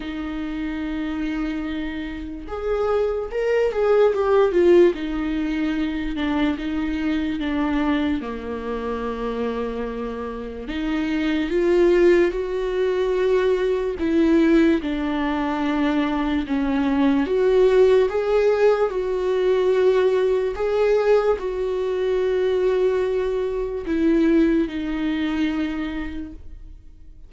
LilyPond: \new Staff \with { instrumentName = "viola" } { \time 4/4 \tempo 4 = 73 dis'2. gis'4 | ais'8 gis'8 g'8 f'8 dis'4. d'8 | dis'4 d'4 ais2~ | ais4 dis'4 f'4 fis'4~ |
fis'4 e'4 d'2 | cis'4 fis'4 gis'4 fis'4~ | fis'4 gis'4 fis'2~ | fis'4 e'4 dis'2 | }